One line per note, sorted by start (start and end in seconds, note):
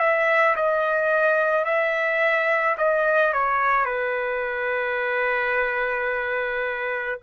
0.00 0.56 E5
0.57 1.65 D#5
1.65 2.76 E5
2.78 3.33 D#5
3.34 3.86 C#5
3.86 7.19 B4